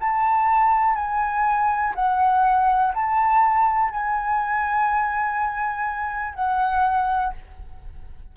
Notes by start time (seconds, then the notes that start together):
0.00 A5
0.95 G#5
1.95 F#5
2.95 A5
3.91 G#5
6.34 F#5